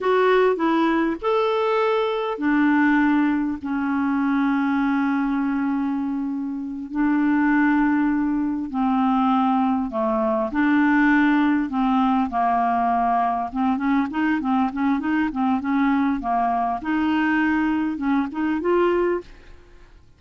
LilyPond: \new Staff \with { instrumentName = "clarinet" } { \time 4/4 \tempo 4 = 100 fis'4 e'4 a'2 | d'2 cis'2~ | cis'2.~ cis'8 d'8~ | d'2~ d'8 c'4.~ |
c'8 a4 d'2 c'8~ | c'8 ais2 c'8 cis'8 dis'8 | c'8 cis'8 dis'8 c'8 cis'4 ais4 | dis'2 cis'8 dis'8 f'4 | }